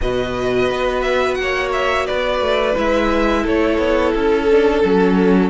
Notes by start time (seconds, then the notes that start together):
0.01 B2 F#4 B4 D#5
0.70 B3
1.01 E5
1.34 A#3 F#5
1.41 C#5
1.72 E5
2.06 B3 B4 D5
2.40 A3
2.74 G#3 E4 E5
3.42 A3 A4 C#5
3.78 B3
4.12 C#4 A4
4.51 D4
4.83 F#3 C#4